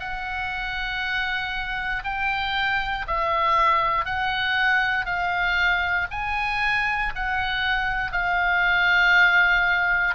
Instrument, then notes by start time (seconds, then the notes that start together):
oboe
0.00 F#5
2.04 G5
3.07 E5
4.05 F#5
5.06 F5
6.11 G#5
7.16 F#5
8.12 F5